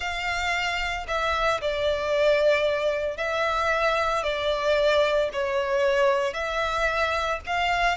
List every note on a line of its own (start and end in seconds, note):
0.00 1.06 F5
1.07 1.60 E5
1.61 3.17 D5
3.17 4.23 E5
4.23 5.29 D5
5.32 6.33 C#5
6.33 7.39 E5
7.46 7.97 F5